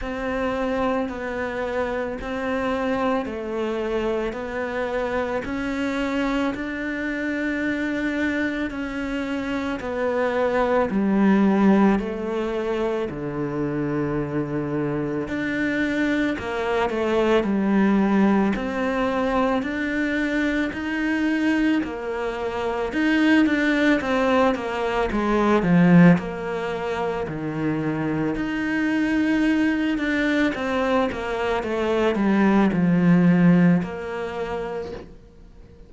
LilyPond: \new Staff \with { instrumentName = "cello" } { \time 4/4 \tempo 4 = 55 c'4 b4 c'4 a4 | b4 cis'4 d'2 | cis'4 b4 g4 a4 | d2 d'4 ais8 a8 |
g4 c'4 d'4 dis'4 | ais4 dis'8 d'8 c'8 ais8 gis8 f8 | ais4 dis4 dis'4. d'8 | c'8 ais8 a8 g8 f4 ais4 | }